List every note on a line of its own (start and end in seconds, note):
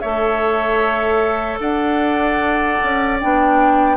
0.00 1.60 A3
0.00 3.20 A4
0.00 1.60 C#5
0.00 1.58 E5
1.60 2.78 D4
1.60 3.98 D5
1.60 3.19 F#5
2.83 3.23 C#4
3.20 3.98 B3
3.20 3.98 D4
3.20 3.98 G5